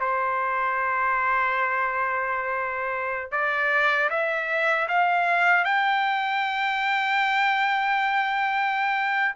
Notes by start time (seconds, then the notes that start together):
0.00 C5
3.31 D5
4.09 E5
4.88 F5
5.65 G5